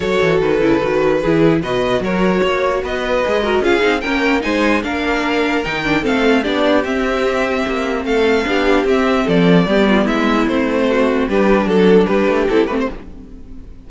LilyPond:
<<
  \new Staff \with { instrumentName = "violin" } { \time 4/4 \tempo 4 = 149 cis''4 b'2. | dis''4 cis''2 dis''4~ | dis''4 f''4 g''4 gis''4 | f''2 g''4 f''4 |
d''4 e''2. | f''2 e''4 d''4~ | d''4 e''4 c''2 | b'4 a'4 b'4 a'8 b'16 c''16 | }
  \new Staff \with { instrumentName = "violin" } { \time 4/4 a'2. gis'4 | b'4 ais'4 cis''4 b'4~ | b'8 ais'8 gis'4 ais'4 c''4 | ais'2. a'4 |
g'1 | a'4 g'2 a'4 | g'8 f'8 e'2 fis'4 | g'4 a'4 g'2 | }
  \new Staff \with { instrumentName = "viola" } { \time 4/4 fis'4. e'8 fis'4 e'4 | fis'1 | gis'8 fis'8 f'8 dis'8 cis'4 dis'4 | d'2 dis'8 d'8 c'4 |
d'4 c'2.~ | c'4 d'4 c'2 | b2 c'2 | d'2. e'8 c'8 | }
  \new Staff \with { instrumentName = "cello" } { \time 4/4 fis8 e8 dis8 cis8 dis4 e4 | b,4 fis4 ais4 b4 | gis4 cis'8 c'8 ais4 gis4 | ais2 dis4 a4 |
b4 c'2 ais4 | a4 b4 c'4 f4 | g4 gis4 a2 | g4 fis4 g8 a8 c'8 a8 | }
>>